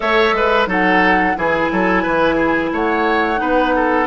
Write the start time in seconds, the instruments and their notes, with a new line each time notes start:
0.00 bassoon A3, clarinet A4, oboe C#5, flute E5
0.32 bassoon G#3, oboe B4
0.66 bassoon F#3, clarinet D#4, oboe A4, flute F#5
1.35 bassoon E3, clarinet E4, oboe G#4, flute G#5
1.71 bassoon F#3, oboe A4
2.02 bassoon E3, oboe B4
2.35 oboe G#4
2.71 bassoon A3, oboe C#5, flute F#5
3.37 bassoon B3, clarinet D#4, oboe B4
3.75 oboe A4